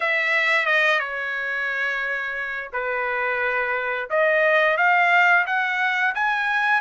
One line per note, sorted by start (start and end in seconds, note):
0.00 0.66 E5
0.66 0.99 D#5
0.99 2.70 C#5
2.72 4.09 B4
4.09 4.77 D#5
4.77 5.45 F5
5.46 6.14 F#5
6.15 6.81 G#5